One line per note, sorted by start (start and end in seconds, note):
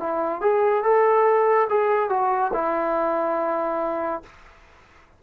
0.00 0.41 E4
0.41 0.84 G#4
0.84 1.68 A4
1.70 2.10 G#4
2.10 2.52 F#4
2.54 4.23 E4